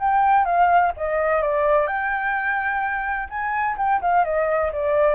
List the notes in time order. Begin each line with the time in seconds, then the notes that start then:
0.00 G5
0.45 F5
0.97 D#5
1.42 D5
1.87 G5
3.30 G#5
3.78 G5
4.02 F5
4.25 D#5
4.73 D5